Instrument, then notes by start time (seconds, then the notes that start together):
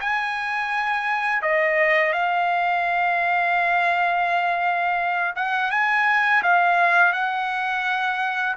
trumpet
0.00 G#5
1.42 D#5
2.13 F5
5.35 F#5
5.71 G#5
6.43 F5
7.12 F#5